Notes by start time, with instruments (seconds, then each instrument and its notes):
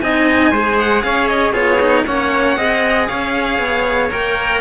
0.00 cello C4 D#4, trumpet D#5, violin G#5
0.51 cello G#3 G#4, trumpet C5
0.79 violin F#5
1.03 cello C#4, trumpet C#5, violin F5
1.28 violin D#5
1.53 cello B3 F4, trumpet G#4, violin C#5
1.81 cello D#4
2.05 cello A#3 C#4, trumpet C#5, violin F#5
2.56 cello C4 G#4, trumpet D#5
3.07 cello C#4, trumpet C#5, violin F5
3.59 cello B3
4.10 cello A#3 A#4, violin G5